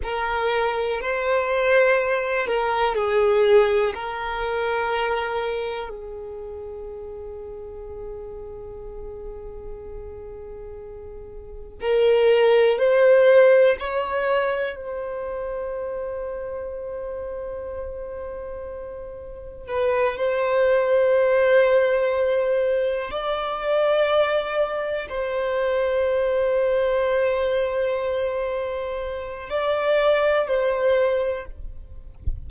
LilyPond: \new Staff \with { instrumentName = "violin" } { \time 4/4 \tempo 4 = 61 ais'4 c''4. ais'8 gis'4 | ais'2 gis'2~ | gis'1 | ais'4 c''4 cis''4 c''4~ |
c''1 | b'8 c''2. d''8~ | d''4. c''2~ c''8~ | c''2 d''4 c''4 | }